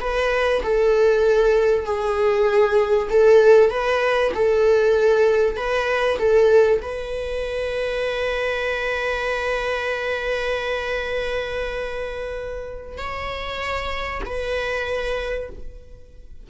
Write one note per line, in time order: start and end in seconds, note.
0.00 0.62 B4
0.63 1.85 A4
1.85 3.08 G#4
3.09 3.70 A4
3.70 4.32 B4
4.34 5.56 A4
5.56 6.18 B4
6.18 6.80 A4
6.82 12.97 B4
12.97 14.21 C#5
14.25 15.49 B4